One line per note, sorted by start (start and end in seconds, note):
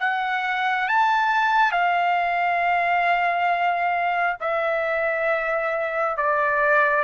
0.00 0.88 F#5
0.89 1.72 A5
1.72 4.37 F5
4.41 6.17 E5
6.17 7.05 D5